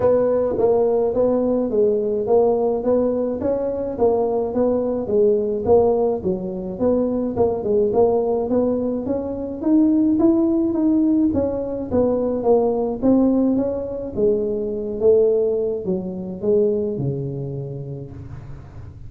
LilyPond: \new Staff \with { instrumentName = "tuba" } { \time 4/4 \tempo 4 = 106 b4 ais4 b4 gis4 | ais4 b4 cis'4 ais4 | b4 gis4 ais4 fis4 | b4 ais8 gis8 ais4 b4 |
cis'4 dis'4 e'4 dis'4 | cis'4 b4 ais4 c'4 | cis'4 gis4. a4. | fis4 gis4 cis2 | }